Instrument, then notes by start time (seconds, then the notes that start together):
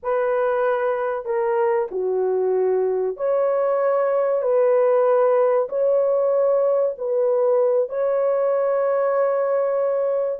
horn
0.03 B4
1.25 A#4
1.91 F#4
3.16 C#5
4.42 B4
5.69 C#5
6.98 B4
7.89 C#5